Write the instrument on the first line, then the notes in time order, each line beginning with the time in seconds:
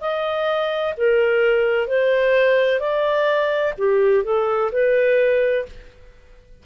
clarinet
0.00 D#5
0.97 A#4
1.87 C5
2.80 D5
3.78 G4
4.24 A4
4.72 B4